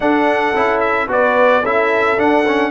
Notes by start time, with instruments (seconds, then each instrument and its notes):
0.00 tuba D4, trombone D4, horn A4, trumpet F#5
0.54 tuba C#4, trombone E4
0.80 trumpet E5
1.07 tuba B3, trombone F#4, horn B4, trumpet D5
1.62 tuba C#4, trombone E4, horn A4, trumpet E5
2.17 trombone D4, tuba D4, trumpet F#5
2.46 trombone C#4